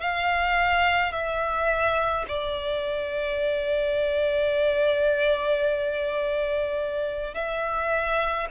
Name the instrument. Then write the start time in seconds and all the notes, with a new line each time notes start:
violin
0.00 F5
1.12 E5
2.28 D5
7.34 E5